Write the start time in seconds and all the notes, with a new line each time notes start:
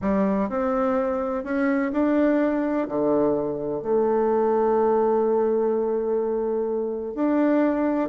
0.01 G3
0.49 C4
1.44 C#4
1.92 D4
2.88 D3
3.81 A3
7.14 D4